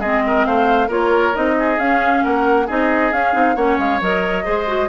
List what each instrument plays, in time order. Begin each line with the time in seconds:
0.00 bassoon G#3, clarinet C4, oboe G#4, flute D#5
0.27 oboe A#4
0.45 bassoon A3, oboe C5, flute F5
0.88 bassoon A#3, clarinet F4, oboe A#4, flute C#5
1.34 bassoon C4, clarinet D#4, flute D#5
1.59 oboe G#4
1.78 bassoon C#4, clarinet C#4, flute F5
2.23 bassoon A#3, oboe A#4, flute F#5
2.66 bassoon C4, clarinet D#4, oboe G#4, flute D#5
3.12 bassoon C#4, clarinet C#4, flute F5
3.33 bassoon C4, clarinet D#4
3.56 bassoon A#3, clarinet C#4, oboe C#5, flute F#5
3.78 bassoon G#3, flute F5
4.01 bassoon F#3, clarinet A#4, flute D#5
4.44 bassoon G#3, clarinet G#4, oboe C5
4.67 clarinet F#4